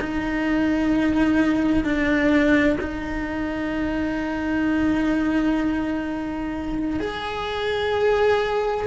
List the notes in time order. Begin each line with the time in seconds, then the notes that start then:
0.00 D#4
1.84 D4
2.80 D#4
7.00 G#4